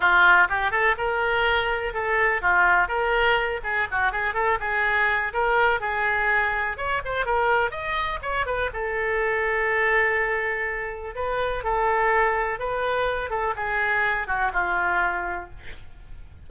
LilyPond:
\new Staff \with { instrumentName = "oboe" } { \time 4/4 \tempo 4 = 124 f'4 g'8 a'8 ais'2 | a'4 f'4 ais'4. gis'8 | fis'8 gis'8 a'8 gis'4. ais'4 | gis'2 cis''8 c''8 ais'4 |
dis''4 cis''8 b'8 a'2~ | a'2. b'4 | a'2 b'4. a'8 | gis'4. fis'8 f'2 | }